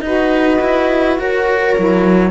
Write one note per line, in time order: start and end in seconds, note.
0.00 0.58 D#4
0.00 1.76 F#4
0.00 1.19 B4
0.00 1.15 D#5
0.61 1.19 E4
1.19 1.76 F#4
1.19 2.30 A#4
1.19 2.30 C#5
1.76 2.30 F#3
1.76 2.30 E4